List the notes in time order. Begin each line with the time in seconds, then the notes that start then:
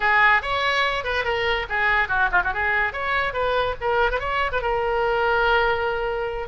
0.00 G#4
0.42 C#5
1.04 B4
1.24 A#4
1.69 G#4
2.08 F#4
2.31 F4
2.44 F#4
2.53 G#4
2.93 C#5
3.33 B4
3.80 A#4
4.11 B4
4.19 C#5
4.52 B4
4.61 A#4